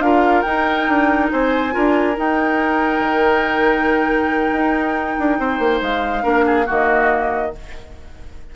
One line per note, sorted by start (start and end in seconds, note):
0.00 0.43 D4
0.00 0.45 F4
0.00 1.32 A#4
0.00 0.42 F5
0.42 0.89 D#4
0.42 1.71 D#4
0.42 1.28 G5
0.89 1.31 D4
1.32 1.75 C4
1.32 1.74 C5
1.32 2.18 G#5
1.71 2.18 D4
1.71 2.14 F4
1.71 5.38 A#4
2.17 6.23 D#4
2.17 3.00 D#4
2.17 5.83 G5
3.00 4.50 D#3
4.53 5.17 D#4
5.19 5.39 D4
5.39 5.59 C4
5.39 6.23 C5
5.59 5.81 A#3
5.82 6.25 G#3
5.82 6.69 F5
6.23 6.68 A#3
6.23 6.66 D4
6.23 6.45 A#4
6.46 6.66 G#4
6.66 7.56 D#3
6.66 7.52 A#3
6.66 7.52 F#4
6.66 7.55 D#5